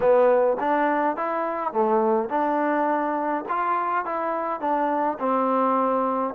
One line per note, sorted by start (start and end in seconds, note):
0.00 0.57 B3
0.60 1.16 D4
1.16 1.72 E4
1.72 2.29 A3
2.29 3.44 D4
3.49 4.05 F4
4.05 4.60 E4
4.60 5.18 D4
5.19 6.34 C4